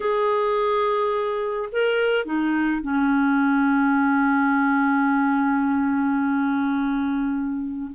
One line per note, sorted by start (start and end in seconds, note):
0.00 1.69 G#4
1.72 2.25 A#4
2.25 2.81 D#4
2.81 7.91 C#4